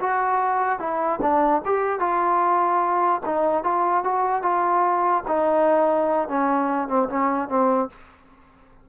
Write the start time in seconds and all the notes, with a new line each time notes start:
0.00 F#4
0.79 E4
1.22 D4
1.65 G4
2.00 F4
3.26 D#4
3.64 F4
4.04 F#4
4.42 F4
5.28 D#4
6.28 C#4
6.88 C4
7.09 C#4
7.49 C4